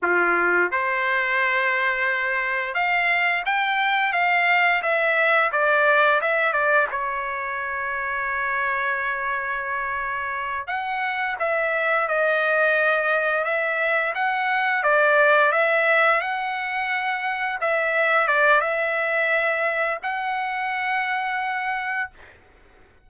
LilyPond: \new Staff \with { instrumentName = "trumpet" } { \time 4/4 \tempo 4 = 87 f'4 c''2. | f''4 g''4 f''4 e''4 | d''4 e''8 d''8 cis''2~ | cis''2.~ cis''8 fis''8~ |
fis''8 e''4 dis''2 e''8~ | e''8 fis''4 d''4 e''4 fis''8~ | fis''4. e''4 d''8 e''4~ | e''4 fis''2. | }